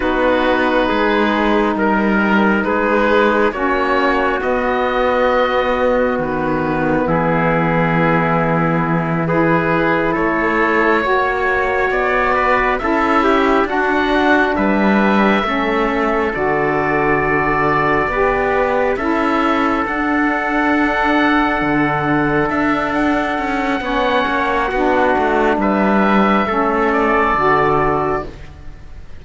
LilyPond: <<
  \new Staff \with { instrumentName = "oboe" } { \time 4/4 \tempo 4 = 68 b'2 ais'4 b'4 | cis''4 dis''2 b'4 | gis'2~ gis'8 b'4 cis''8~ | cis''4. d''4 e''4 fis''8~ |
fis''8 e''2 d''4.~ | d''4. e''4 fis''4.~ | fis''4. e''8 fis''2~ | fis''4 e''4. d''4. | }
  \new Staff \with { instrumentName = "trumpet" } { \time 4/4 fis'4 gis'4 ais'4 gis'4 | fis'1 | e'2~ e'8 gis'4 a'8~ | a'8 cis''4. b'8 a'8 g'8 fis'8~ |
fis'8 b'4 a'2~ a'8~ | a'8 b'4 a'2~ a'8~ | a'2. cis''4 | fis'4 b'4 a'2 | }
  \new Staff \with { instrumentName = "saxophone" } { \time 4/4 dis'1 | cis'4 b2.~ | b2~ b8 e'4.~ | e'8 fis'2 e'4 d'8~ |
d'4. cis'4 fis'4.~ | fis'8 g'4 e'4 d'4.~ | d'2. cis'4 | d'2 cis'4 fis'4 | }
  \new Staff \with { instrumentName = "cello" } { \time 4/4 b4 gis4 g4 gis4 | ais4 b2 dis4 | e2.~ e8 a8~ | a8 ais4 b4 cis'4 d'8~ |
d'8 g4 a4 d4.~ | d8 b4 cis'4 d'4.~ | d'8 d4 d'4 cis'8 b8 ais8 | b8 a8 g4 a4 d4 | }
>>